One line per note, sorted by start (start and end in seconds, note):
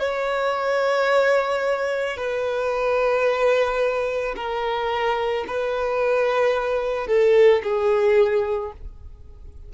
0.00 2.17 C#5
2.17 4.35 B4
4.36 5.45 A#4
5.47 7.08 B4
7.08 7.62 A4
7.64 8.73 G#4